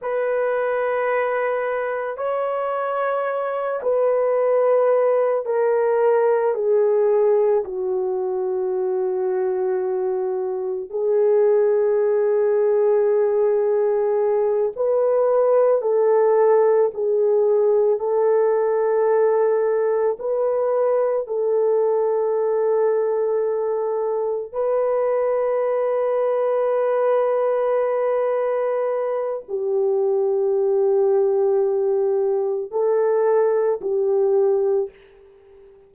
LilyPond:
\new Staff \with { instrumentName = "horn" } { \time 4/4 \tempo 4 = 55 b'2 cis''4. b'8~ | b'4 ais'4 gis'4 fis'4~ | fis'2 gis'2~ | gis'4. b'4 a'4 gis'8~ |
gis'8 a'2 b'4 a'8~ | a'2~ a'8 b'4.~ | b'2. g'4~ | g'2 a'4 g'4 | }